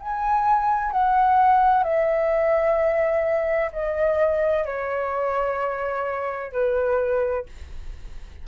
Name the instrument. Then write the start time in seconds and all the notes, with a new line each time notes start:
flute
0.00 G#5
0.92 F#5
1.84 E5
3.72 D#5
4.65 C#5
6.52 B4